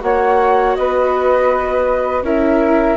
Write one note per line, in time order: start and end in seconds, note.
0.00 0.76 A#3
0.00 2.22 F#4
0.00 0.77 C#5
0.00 0.75 F#5
0.75 2.22 B3
0.75 2.24 B4
0.75 2.23 D#5
2.22 2.96 C#4
2.22 2.97 E4
2.22 2.97 A#4
2.22 2.97 E5